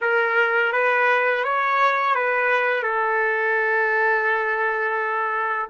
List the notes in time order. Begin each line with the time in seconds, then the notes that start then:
0.01 A#4
0.72 B4
1.44 C#5
2.15 B4
2.82 A4